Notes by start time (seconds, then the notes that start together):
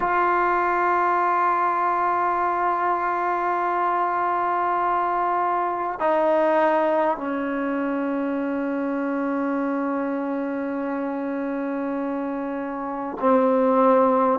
0.00 F4
5.99 D#4
7.17 C#4
13.20 C4